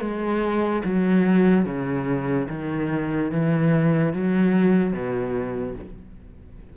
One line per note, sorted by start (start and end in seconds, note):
0.00 0.82 G#3
0.84 1.65 F#3
1.65 2.47 C#3
2.48 3.31 D#3
3.31 4.12 E3
4.12 4.92 F#3
4.92 5.75 B2